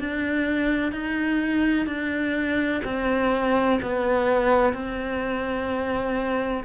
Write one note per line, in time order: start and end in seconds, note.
0.00 0.92 D4
0.92 1.87 D#4
1.87 2.82 D4
2.85 3.80 C4
3.82 4.74 B3
4.74 6.64 C4